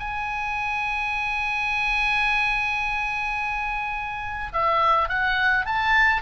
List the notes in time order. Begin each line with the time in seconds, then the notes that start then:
0.00 G#5
4.53 E5
5.09 F#5
5.66 A5